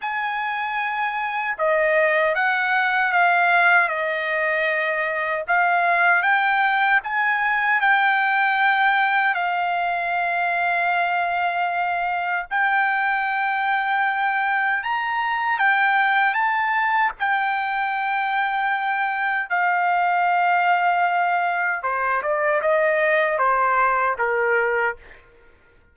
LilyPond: \new Staff \with { instrumentName = "trumpet" } { \time 4/4 \tempo 4 = 77 gis''2 dis''4 fis''4 | f''4 dis''2 f''4 | g''4 gis''4 g''2 | f''1 |
g''2. ais''4 | g''4 a''4 g''2~ | g''4 f''2. | c''8 d''8 dis''4 c''4 ais'4 | }